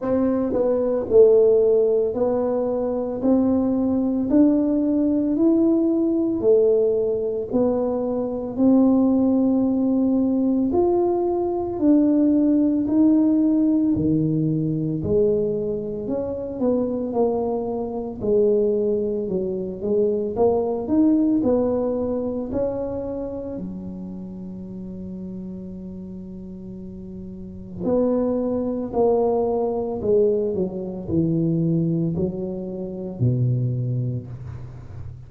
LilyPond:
\new Staff \with { instrumentName = "tuba" } { \time 4/4 \tempo 4 = 56 c'8 b8 a4 b4 c'4 | d'4 e'4 a4 b4 | c'2 f'4 d'4 | dis'4 dis4 gis4 cis'8 b8 |
ais4 gis4 fis8 gis8 ais8 dis'8 | b4 cis'4 fis2~ | fis2 b4 ais4 | gis8 fis8 e4 fis4 b,4 | }